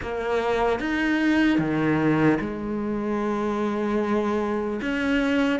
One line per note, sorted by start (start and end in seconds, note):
0.01 0.79 A#3
0.79 1.58 D#4
1.58 2.38 D#3
2.40 4.80 G#3
4.81 5.59 C#4